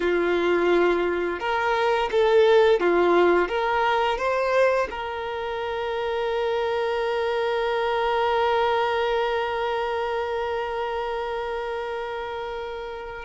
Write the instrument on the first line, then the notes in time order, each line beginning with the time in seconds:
violin
0.00 F4
1.40 A#4
2.11 A4
2.80 F4
3.48 A#4
4.18 C5
4.90 A#4